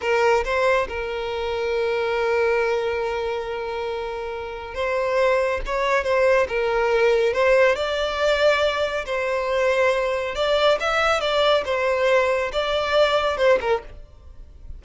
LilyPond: \new Staff \with { instrumentName = "violin" } { \time 4/4 \tempo 4 = 139 ais'4 c''4 ais'2~ | ais'1~ | ais'2. c''4~ | c''4 cis''4 c''4 ais'4~ |
ais'4 c''4 d''2~ | d''4 c''2. | d''4 e''4 d''4 c''4~ | c''4 d''2 c''8 ais'8 | }